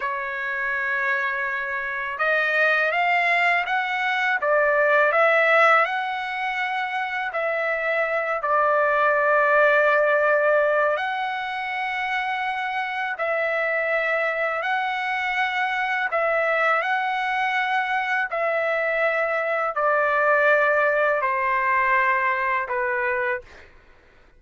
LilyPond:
\new Staff \with { instrumentName = "trumpet" } { \time 4/4 \tempo 4 = 82 cis''2. dis''4 | f''4 fis''4 d''4 e''4 | fis''2 e''4. d''8~ | d''2. fis''4~ |
fis''2 e''2 | fis''2 e''4 fis''4~ | fis''4 e''2 d''4~ | d''4 c''2 b'4 | }